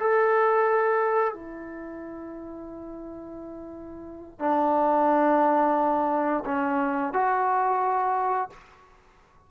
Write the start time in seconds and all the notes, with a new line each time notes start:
0.00 A4
1.34 E4
4.39 D4
6.46 C#4
7.13 F#4